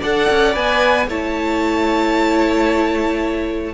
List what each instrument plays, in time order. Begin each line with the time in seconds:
0.00 cello D4, viola A4, violin D5 F#5
0.30 cello C#4
0.53 cello B3, viola B4, violin G#5
1.08 cello A3, viola E4, violin C#5 A5